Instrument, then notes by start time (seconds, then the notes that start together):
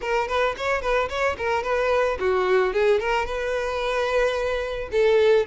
violin
0.01 A#4
0.28 B4
0.57 C#5
0.81 B4
1.09 C#5
1.37 A#4
1.63 B4
2.19 F#4
2.73 G#4
3.00 A#4
3.25 B4
4.91 A4